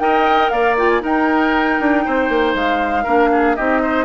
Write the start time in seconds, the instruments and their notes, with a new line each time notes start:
0.00 bassoon D#4, clarinet A#4, oboe D#5, flute G5
0.50 bassoon A#3, oboe D5, flute F5
0.78 clarinet F4, flute G5
0.89 flute G#5
1.01 clarinet D#4, bassoon D#4, oboe A#4, flute G5
1.80 bassoon D4
2.06 bassoon C4, oboe C5
2.29 bassoon A#3
2.55 bassoon G#3, flute F5
3.04 bassoon A#3, clarinet D4, oboe A#4
3.32 oboe G#4
3.56 bassoon C4, clarinet D#4, oboe G4, flute D#5
3.83 oboe C5